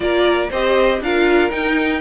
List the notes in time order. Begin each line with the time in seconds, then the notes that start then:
0.00 A#3 F4 A#4 D5
0.49 C4 G4 C5 D#5
1.00 D4 F4 A#4 F5
1.50 D#4 G5